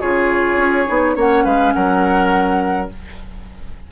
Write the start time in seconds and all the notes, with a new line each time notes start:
0.00 C#3 F4 G#4 C#5
0.56 C#4
0.86 B3 D#4
1.15 A#3 C#4 C#5 F#5
1.44 G#3 B4 F5
1.73 F#3 A#4 F#5